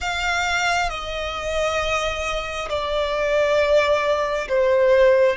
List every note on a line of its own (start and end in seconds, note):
0.00 0.90 F5
0.90 2.69 D#5
2.69 4.48 D5
4.48 5.36 C5